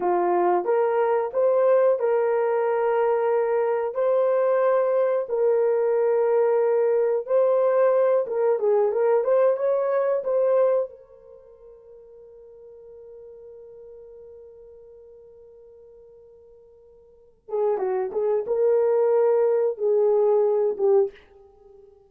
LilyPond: \new Staff \with { instrumentName = "horn" } { \time 4/4 \tempo 4 = 91 f'4 ais'4 c''4 ais'4~ | ais'2 c''2 | ais'2. c''4~ | c''8 ais'8 gis'8 ais'8 c''8 cis''4 c''8~ |
c''8 ais'2.~ ais'8~ | ais'1~ | ais'2~ ais'8 gis'8 fis'8 gis'8 | ais'2 gis'4. g'8 | }